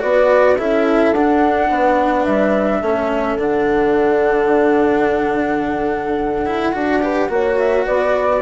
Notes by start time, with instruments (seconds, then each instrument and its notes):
0.00 bassoon B3, cello F#4, horn B4, flute D5
0.56 bassoon C#4, cello E4, horn A4, flute E5
1.12 bassoon D4, cello D4, flute F#5
1.69 bassoon B3, horn B4
2.24 bassoon G3, flute E5
2.80 bassoon A3, cello C#4, horn A4
3.36 bassoon D3, cello D4, flute F#5
6.45 cello E4
6.73 bassoon D4, cello F#4
7.02 cello G4, horn B4
7.29 bassoon A#3, cello F#4, horn C#5
7.58 flute E5
7.86 bassoon B3, horn B4, flute D5